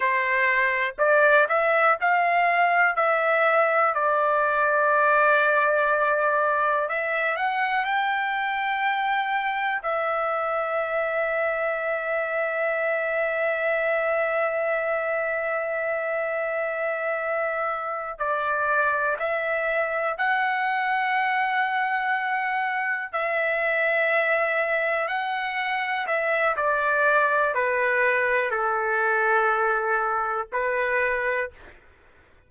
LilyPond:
\new Staff \with { instrumentName = "trumpet" } { \time 4/4 \tempo 4 = 61 c''4 d''8 e''8 f''4 e''4 | d''2. e''8 fis''8 | g''2 e''2~ | e''1~ |
e''2~ e''8 d''4 e''8~ | e''8 fis''2. e''8~ | e''4. fis''4 e''8 d''4 | b'4 a'2 b'4 | }